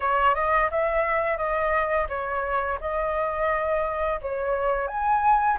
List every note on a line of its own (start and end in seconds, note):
0.00 0.35 C#5
0.35 0.69 D#5
0.70 1.37 E5
1.37 2.07 D#5
2.09 2.78 C#5
2.80 4.20 D#5
4.21 4.87 C#5
4.87 5.57 G#5